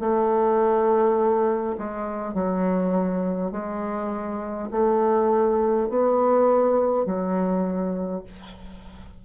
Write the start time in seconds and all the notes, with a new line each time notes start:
0.00 A3
1.78 G#3
2.34 F#3
3.51 G#3
4.71 A3
5.89 B3
7.05 F#3